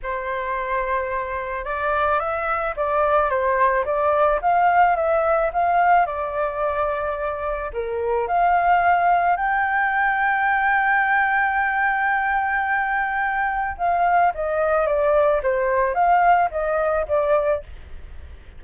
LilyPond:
\new Staff \with { instrumentName = "flute" } { \time 4/4 \tempo 4 = 109 c''2. d''4 | e''4 d''4 c''4 d''4 | f''4 e''4 f''4 d''4~ | d''2 ais'4 f''4~ |
f''4 g''2.~ | g''1~ | g''4 f''4 dis''4 d''4 | c''4 f''4 dis''4 d''4 | }